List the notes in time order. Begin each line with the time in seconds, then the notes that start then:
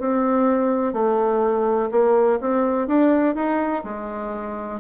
0.00 C4
0.93 A3
1.91 A#3
2.41 C4
2.88 D4
3.35 D#4
3.84 G#3